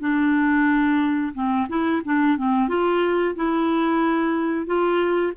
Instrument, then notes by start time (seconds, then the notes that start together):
clarinet
0.00 D4
1.34 C4
1.68 E4
2.05 D4
2.37 C4
2.68 F4
3.35 E4
4.66 F4